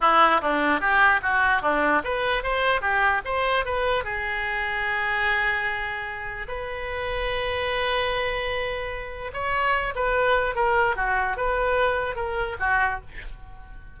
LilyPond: \new Staff \with { instrumentName = "oboe" } { \time 4/4 \tempo 4 = 148 e'4 d'4 g'4 fis'4 | d'4 b'4 c''4 g'4 | c''4 b'4 gis'2~ | gis'1 |
b'1~ | b'2. cis''4~ | cis''8 b'4. ais'4 fis'4 | b'2 ais'4 fis'4 | }